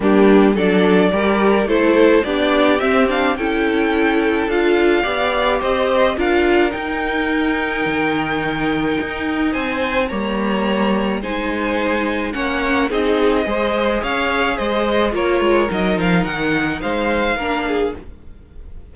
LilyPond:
<<
  \new Staff \with { instrumentName = "violin" } { \time 4/4 \tempo 4 = 107 g'4 d''2 c''4 | d''4 e''8 f''8 g''2 | f''2 dis''4 f''4 | g''1~ |
g''4 gis''4 ais''2 | gis''2 fis''4 dis''4~ | dis''4 f''4 dis''4 cis''4 | dis''8 f''8 fis''4 f''2 | }
  \new Staff \with { instrumentName = "violin" } { \time 4/4 d'4 a'4 ais'4 a'4 | g'2 a'2~ | a'4 d''4 c''4 ais'4~ | ais'1~ |
ais'4 c''4 cis''2 | c''2 cis''4 gis'4 | c''4 cis''4 c''4 ais'4~ | ais'2 c''4 ais'8 gis'8 | }
  \new Staff \with { instrumentName = "viola" } { \time 4/4 ais4 d'4 g'4 e'4 | d'4 c'8 d'8 e'2 | f'4 g'2 f'4 | dis'1~ |
dis'2 ais2 | dis'2 cis'4 dis'4 | gis'2. f'4 | dis'2. d'4 | }
  \new Staff \with { instrumentName = "cello" } { \time 4/4 g4 fis4 g4 a4 | b4 c'4 cis'2 | d'4 b4 c'4 d'4 | dis'2 dis2 |
dis'4 c'4 g2 | gis2 ais4 c'4 | gis4 cis'4 gis4 ais8 gis8 | fis8 f8 dis4 gis4 ais4 | }
>>